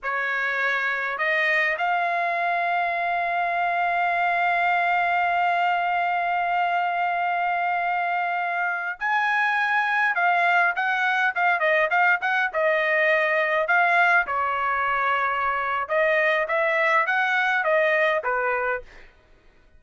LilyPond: \new Staff \with { instrumentName = "trumpet" } { \time 4/4 \tempo 4 = 102 cis''2 dis''4 f''4~ | f''1~ | f''1~ | f''2.~ f''16 gis''8.~ |
gis''4~ gis''16 f''4 fis''4 f''8 dis''16~ | dis''16 f''8 fis''8 dis''2 f''8.~ | f''16 cis''2~ cis''8. dis''4 | e''4 fis''4 dis''4 b'4 | }